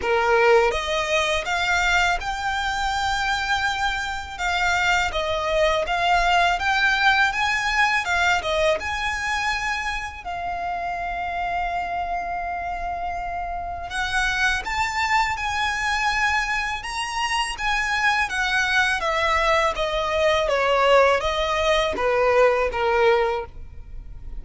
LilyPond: \new Staff \with { instrumentName = "violin" } { \time 4/4 \tempo 4 = 82 ais'4 dis''4 f''4 g''4~ | g''2 f''4 dis''4 | f''4 g''4 gis''4 f''8 dis''8 | gis''2 f''2~ |
f''2. fis''4 | a''4 gis''2 ais''4 | gis''4 fis''4 e''4 dis''4 | cis''4 dis''4 b'4 ais'4 | }